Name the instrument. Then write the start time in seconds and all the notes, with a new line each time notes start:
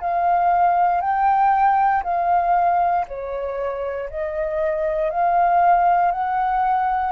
flute
0.00 F5
1.01 G5
2.03 F5
3.07 C#5
4.10 D#5
5.10 F5
6.11 F#5